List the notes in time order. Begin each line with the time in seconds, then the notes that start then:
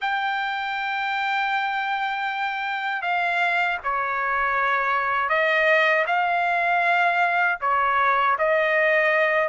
0.01 G5
3.02 F5
3.83 C#5
5.29 D#5
6.06 F5
7.60 C#5
8.38 D#5